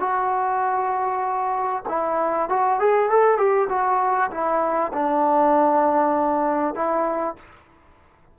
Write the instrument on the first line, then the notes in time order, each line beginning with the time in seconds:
trombone
0.00 F#4
1.89 E4
2.50 F#4
2.80 G#4
3.10 A4
3.38 G4
3.70 F#4
4.31 E4
4.94 D4
6.75 E4